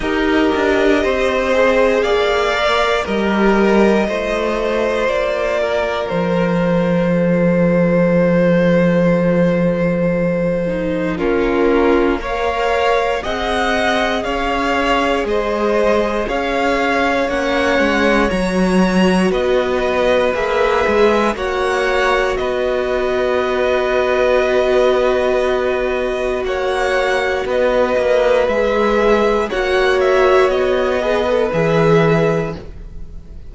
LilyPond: <<
  \new Staff \with { instrumentName = "violin" } { \time 4/4 \tempo 4 = 59 dis''2 f''4 dis''4~ | dis''4 d''4 c''2~ | c''2. ais'4 | f''4 fis''4 f''4 dis''4 |
f''4 fis''4 ais''4 dis''4 | e''4 fis''4 dis''2~ | dis''2 fis''4 dis''4 | e''4 fis''8 e''8 dis''4 e''4 | }
  \new Staff \with { instrumentName = "violin" } { \time 4/4 ais'4 c''4 d''4 ais'4 | c''4. ais'4. a'4~ | a'2. f'4 | cis''4 dis''4 cis''4 c''4 |
cis''2. b'4~ | b'4 cis''4 b'2~ | b'2 cis''4 b'4~ | b'4 cis''4. b'4. | }
  \new Staff \with { instrumentName = "viola" } { \time 4/4 g'4. gis'4 ais'8 g'4 | f'1~ | f'2~ f'8 dis'8 cis'4 | ais'4 gis'2.~ |
gis'4 cis'4 fis'2 | gis'4 fis'2.~ | fis'1 | gis'4 fis'4. gis'16 a'16 gis'4 | }
  \new Staff \with { instrumentName = "cello" } { \time 4/4 dis'8 d'8 c'4 ais4 g4 | a4 ais4 f2~ | f2. ais4~ | ais4 c'4 cis'4 gis4 |
cis'4 ais8 gis8 fis4 b4 | ais8 gis8 ais4 b2~ | b2 ais4 b8 ais8 | gis4 ais4 b4 e4 | }
>>